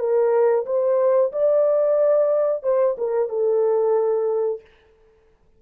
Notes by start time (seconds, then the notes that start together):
0.00 A#4
0.66 C5
1.33 D5
2.64 C5
2.99 A#4
3.30 A4